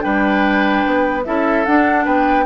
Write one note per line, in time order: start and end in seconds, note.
0.00 0.85 G3
0.00 1.21 D4
0.00 1.24 B4
0.00 1.22 G5
0.86 1.26 B3
1.24 1.66 C#4
1.24 1.65 E4
1.24 2.04 A4
1.24 1.65 E5
1.65 2.06 D4
1.65 2.46 D4
1.65 2.05 F#5
2.04 2.46 B3
2.04 2.44 B4
2.04 2.46 G5